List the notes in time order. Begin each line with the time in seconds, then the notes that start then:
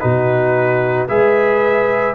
0.00 B2 D#4 F#4 B4
1.08 G#3 G#4 B4 E5